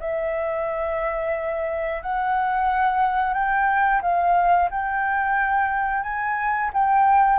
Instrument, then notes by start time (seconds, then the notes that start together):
flute
0.00 E5
2.02 F#5
3.34 G5
4.02 F5
4.71 G5
6.03 G#5
6.74 G5